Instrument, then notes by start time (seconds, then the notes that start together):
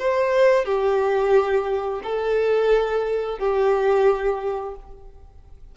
violin
0.00 C5
0.65 G4
2.04 A4
3.39 G4